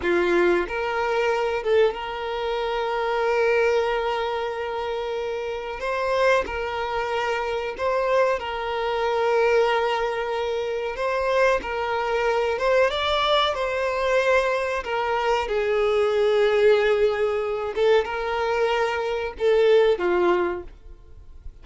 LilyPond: \new Staff \with { instrumentName = "violin" } { \time 4/4 \tempo 4 = 93 f'4 ais'4. a'8 ais'4~ | ais'1~ | ais'4 c''4 ais'2 | c''4 ais'2.~ |
ais'4 c''4 ais'4. c''8 | d''4 c''2 ais'4 | gis'2.~ gis'8 a'8 | ais'2 a'4 f'4 | }